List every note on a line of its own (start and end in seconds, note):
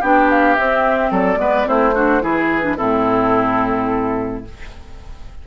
0.00 0.58 B3
0.00 0.57 D4
0.00 1.11 G4
0.00 0.30 G5
0.30 0.55 F5
0.55 1.37 C4
0.55 1.11 C4
0.55 1.11 E5
1.11 1.36 F#3
1.11 1.38 A4
1.11 1.68 D5
1.36 1.64 G#3
1.36 1.65 B3
1.36 1.67 B4
1.65 2.22 A3
1.65 1.93 C4
1.65 1.94 E4
1.65 2.23 C5
1.94 2.21 D4
1.94 2.22 F#4
2.21 2.78 E3
2.21 2.62 E4
2.21 2.77 G#4
2.21 2.77 B4
2.62 2.76 D4
2.77 4.47 A2
2.77 4.45 C4
2.77 4.44 E4
2.77 4.44 A4